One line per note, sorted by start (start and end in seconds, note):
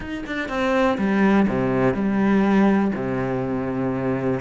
0.00 0.24 D#4
0.26 0.48 D4
0.48 0.97 C4
0.98 1.46 G3
1.47 1.94 C3
1.94 2.91 G3
2.95 4.40 C3